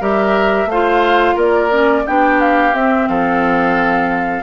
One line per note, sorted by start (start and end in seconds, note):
0.00 0.65 G3
0.00 0.68 G4
0.00 0.68 A#4
0.00 0.70 E5
0.65 1.33 A3
0.65 1.35 C5
0.65 1.38 F5
0.72 1.70 F4
1.35 2.04 A#3
1.35 2.03 A#4
1.35 2.06 D5
1.70 2.04 C#4
2.06 2.73 B3
2.06 2.73 D4
2.06 3.09 G4
2.06 2.40 G5
2.40 2.74 F5
2.73 3.07 C4
2.73 4.42 C4
2.73 3.07 E5
3.07 4.42 F3
3.07 4.42 A4
3.07 4.42 F5